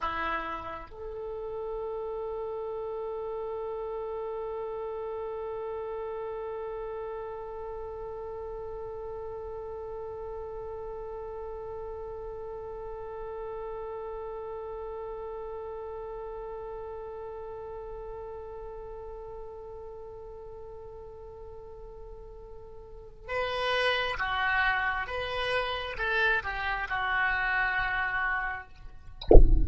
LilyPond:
\new Staff \with { instrumentName = "oboe" } { \time 4/4 \tempo 4 = 67 e'4 a'2.~ | a'1~ | a'1~ | a'1~ |
a'1~ | a'1~ | a'2 b'4 fis'4 | b'4 a'8 g'8 fis'2 | }